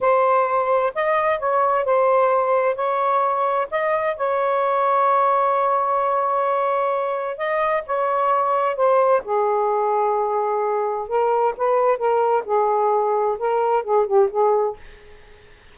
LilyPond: \new Staff \with { instrumentName = "saxophone" } { \time 4/4 \tempo 4 = 130 c''2 dis''4 cis''4 | c''2 cis''2 | dis''4 cis''2.~ | cis''1 |
dis''4 cis''2 c''4 | gis'1 | ais'4 b'4 ais'4 gis'4~ | gis'4 ais'4 gis'8 g'8 gis'4 | }